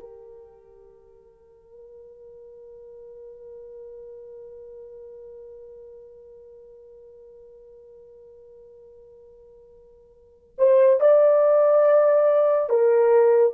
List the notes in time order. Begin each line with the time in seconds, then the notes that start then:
0.00 A#4
10.59 C5
11.01 D5
12.70 A#4